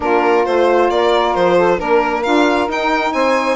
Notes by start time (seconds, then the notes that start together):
0.00 A#3 D4 F4 A#4
0.45 A3 F4 C5
0.90 A#3 A#4 D5
1.34 F3 C5
1.56 A4
1.77 A#3 D4 A#4
2.23 D4 F4 F5
2.67 D#4 G5
3.12 C4 C5 G#5